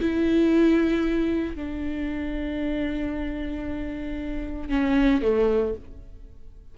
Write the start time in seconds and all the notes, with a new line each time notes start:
0.00 E4
1.55 D4
4.69 C#4
5.22 A3